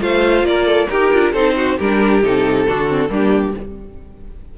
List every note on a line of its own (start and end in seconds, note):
0.00 0.43 A3
0.00 0.88 F4
0.00 0.47 C5
0.00 0.46 F5
0.43 0.87 A#3
0.43 0.89 D5
0.50 0.67 A#4
0.67 0.89 A4
0.89 1.13 D#4
0.89 1.33 G4
0.89 1.13 G4
0.89 1.33 A#4
1.13 1.34 D4
1.13 1.34 F4
1.33 1.78 C4
1.33 1.78 D#4
1.33 1.55 A4
1.33 1.79 C5
1.57 1.78 F#4
1.78 2.24 G3
1.78 2.23 D4
1.78 2.67 G4
1.78 2.24 A#4
2.23 2.68 C3
2.23 2.67 D#4
2.23 3.13 A4
2.68 3.10 D3
2.68 2.88 D4
2.68 3.10 F#4
2.88 3.09 C4
3.09 3.54 G3
3.09 3.53 A#3
3.09 3.54 D4
3.09 3.58 G4